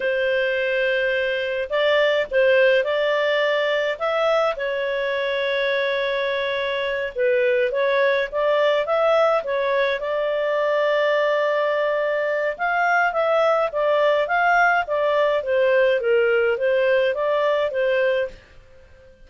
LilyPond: \new Staff \with { instrumentName = "clarinet" } { \time 4/4 \tempo 4 = 105 c''2. d''4 | c''4 d''2 e''4 | cis''1~ | cis''8 b'4 cis''4 d''4 e''8~ |
e''8 cis''4 d''2~ d''8~ | d''2 f''4 e''4 | d''4 f''4 d''4 c''4 | ais'4 c''4 d''4 c''4 | }